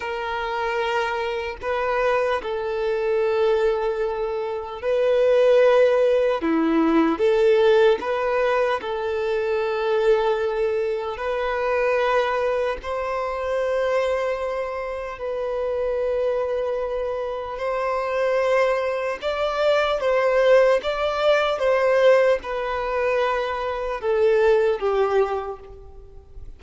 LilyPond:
\new Staff \with { instrumentName = "violin" } { \time 4/4 \tempo 4 = 75 ais'2 b'4 a'4~ | a'2 b'2 | e'4 a'4 b'4 a'4~ | a'2 b'2 |
c''2. b'4~ | b'2 c''2 | d''4 c''4 d''4 c''4 | b'2 a'4 g'4 | }